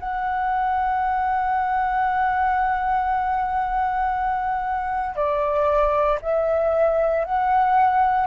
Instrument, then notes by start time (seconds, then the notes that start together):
flute
0.00 F#5
5.16 D5
6.22 E5
7.25 F#5